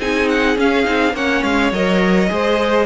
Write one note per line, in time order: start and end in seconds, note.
0.00 0.58 C4
0.00 0.56 D#4
0.00 1.15 G#4
0.00 0.29 G#5
0.29 0.58 F#5
0.56 0.84 C#4
0.56 0.87 C#4
0.56 1.16 F5
0.84 1.13 C4
0.84 1.13 D#4
1.13 1.42 A#3
1.13 1.74 C#4
1.13 2.30 C#5
1.13 1.43 F#5
1.43 1.72 G#3
1.43 1.72 F5
1.72 2.30 F#3
1.72 2.28 A#4
1.72 2.87 D#5
2.28 2.87 G#3
2.28 2.86 G#4
2.28 2.87 C5